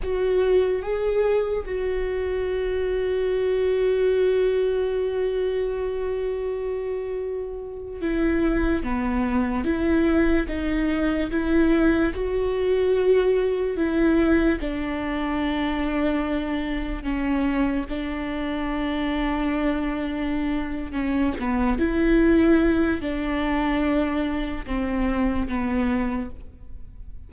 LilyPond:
\new Staff \with { instrumentName = "viola" } { \time 4/4 \tempo 4 = 73 fis'4 gis'4 fis'2~ | fis'1~ | fis'4.~ fis'16 e'4 b4 e'16~ | e'8. dis'4 e'4 fis'4~ fis'16~ |
fis'8. e'4 d'2~ d'16~ | d'8. cis'4 d'2~ d'16~ | d'4. cis'8 b8 e'4. | d'2 c'4 b4 | }